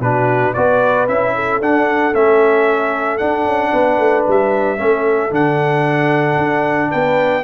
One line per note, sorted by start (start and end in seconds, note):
0.00 0.53 B2
0.00 0.56 D4
0.00 0.55 F#4
0.00 0.54 B4
0.54 1.09 B3
0.54 1.09 F#4
0.54 1.35 B4
0.54 1.07 D5
1.09 1.60 C#4
1.09 1.62 E4
1.09 1.62 E5
1.36 3.72 A4
1.60 2.13 D4
1.60 2.14 D4
1.60 2.15 F#5
2.14 3.20 A3
2.14 3.20 C#4
2.14 3.18 E5
3.18 4.78 D4
3.18 3.45 D4
3.18 4.24 F#5
3.45 3.72 C#4
3.72 3.99 B3
3.72 4.78 B4
3.99 4.26 A3
4.29 4.79 G3
4.29 5.35 E5
4.78 5.31 A3
4.78 5.31 C#4
4.78 6.91 A4
5.31 6.37 D3
5.31 7.43 D4
5.31 6.92 F#5
6.37 6.91 D4
6.91 7.44 B3
6.91 7.44 B4
6.91 7.44 G5